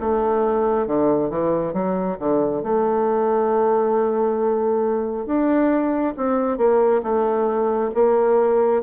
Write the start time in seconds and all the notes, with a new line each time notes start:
0.00 A3
0.87 D3
1.30 E3
1.73 F#3
2.19 D3
2.63 A3
5.26 D4
6.17 C4
6.57 A#3
7.03 A3
7.95 A#3